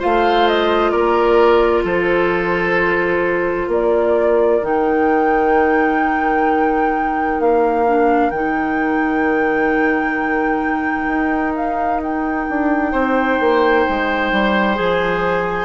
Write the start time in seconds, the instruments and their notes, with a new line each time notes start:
0.00 bassoon A3, clarinet F4, oboe C5, flute F5
0.48 flute D#5
0.91 bassoon A#3, oboe A#4, flute D5
1.84 bassoon F3, oboe A4, flute C5
3.68 bassoon A#3, oboe A#4, flute D5
4.62 bassoon D#3, clarinet D#4, flute G5
7.39 bassoon A#3, flute F5
7.86 clarinet D4
8.31 bassoon D#3, clarinet D#4, flute G5
11.08 bassoon D#4
11.55 flute F5
12.03 flute G5
12.50 bassoon D4
12.92 bassoon C4, oboe C5
13.40 bassoon A#3
13.89 bassoon G#3
14.32 bassoon G3
14.76 bassoon F3, clarinet G#4, flute G#5